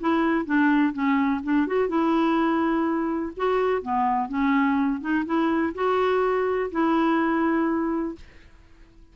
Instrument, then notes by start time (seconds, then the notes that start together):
clarinet
0.00 E4
0.45 D4
0.93 C#4
1.43 D4
1.67 F#4
1.88 E4
3.36 F#4
3.82 B3
4.28 C#4
5.00 D#4
5.25 E4
5.74 F#4
6.71 E4